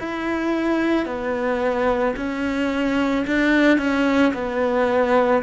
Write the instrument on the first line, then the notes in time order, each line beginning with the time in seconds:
cello
0.00 E4
1.06 B3
2.17 C#4
3.27 D4
3.78 C#4
4.34 B3